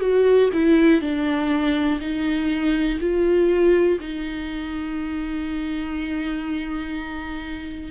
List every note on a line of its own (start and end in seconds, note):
0.00 0.49 F#4
0.53 1.01 E4
1.01 1.99 D4
2.00 2.98 D#4
3.00 3.98 F4
4.00 7.91 D#4